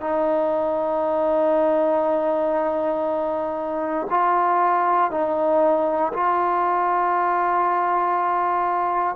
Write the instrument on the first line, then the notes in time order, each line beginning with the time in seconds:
trombone
0.00 D#4
4.10 F4
5.10 D#4
6.13 F4